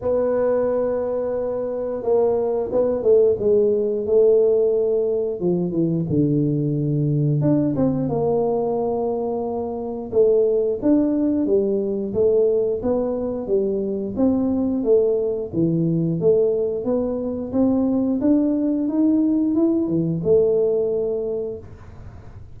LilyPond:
\new Staff \with { instrumentName = "tuba" } { \time 4/4 \tempo 4 = 89 b2. ais4 | b8 a8 gis4 a2 | f8 e8 d2 d'8 c'8 | ais2. a4 |
d'4 g4 a4 b4 | g4 c'4 a4 e4 | a4 b4 c'4 d'4 | dis'4 e'8 e8 a2 | }